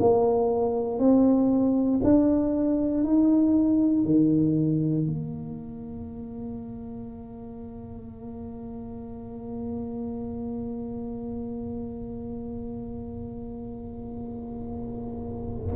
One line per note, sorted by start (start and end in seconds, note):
0.00 0.99 A#3
0.99 2.01 C4
2.04 3.04 D4
3.04 4.05 D#4
4.05 5.07 D#3
5.07 15.74 A#3